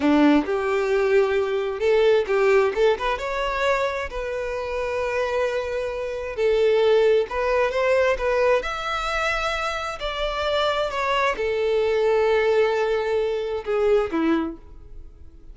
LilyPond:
\new Staff \with { instrumentName = "violin" } { \time 4/4 \tempo 4 = 132 d'4 g'2. | a'4 g'4 a'8 b'8 cis''4~ | cis''4 b'2.~ | b'2 a'2 |
b'4 c''4 b'4 e''4~ | e''2 d''2 | cis''4 a'2.~ | a'2 gis'4 e'4 | }